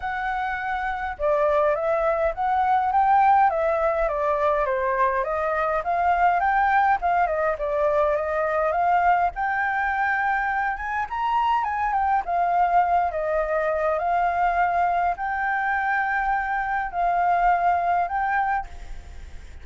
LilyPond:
\new Staff \with { instrumentName = "flute" } { \time 4/4 \tempo 4 = 103 fis''2 d''4 e''4 | fis''4 g''4 e''4 d''4 | c''4 dis''4 f''4 g''4 | f''8 dis''8 d''4 dis''4 f''4 |
g''2~ g''8 gis''8 ais''4 | gis''8 g''8 f''4. dis''4. | f''2 g''2~ | g''4 f''2 g''4 | }